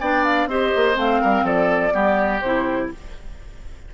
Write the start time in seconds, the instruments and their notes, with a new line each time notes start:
0.00 bassoon B3, clarinet D4, oboe D5, flute G5
0.24 flute F5
0.46 bassoon C4, clarinet G4, oboe C5, flute D#5
0.75 bassoon A#3
0.94 bassoon A3, clarinet C4, flute F5
1.21 bassoon G3, oboe A#4
1.43 bassoon F3, oboe A4, flute D5
1.92 bassoon G3, clarinet B3, oboe G4
2.40 bassoon C3, clarinet E4, flute C5